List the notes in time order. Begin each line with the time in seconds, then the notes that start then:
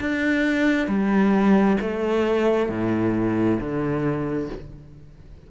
0.00 D4
0.87 G3
1.81 A3
2.69 A2
3.59 D3